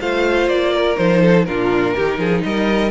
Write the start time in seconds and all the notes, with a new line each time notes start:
0.00 A3 F4 C5 F5
0.47 A#3 D5
0.73 A#4
0.96 F3 D#4 C5
1.22 A4
1.45 A#2 D4 F4 A#4
1.95 D#3 D#4 G4
2.18 F3 G#4
2.43 G3 A#4 D#5